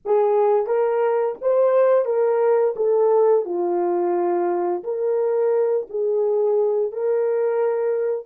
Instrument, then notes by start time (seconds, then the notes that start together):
horn
0.05 G#4
0.66 A#4
1.41 C5
2.05 A#4
2.76 A4
3.45 F4
4.83 A#4
5.89 G#4
6.92 A#4